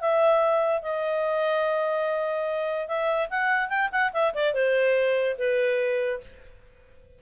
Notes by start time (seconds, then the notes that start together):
0.00 E5
0.82 D#5
2.88 E5
3.30 F#5
3.69 G5
3.92 F#5
4.13 E5
4.34 D5
4.54 C5
5.38 B4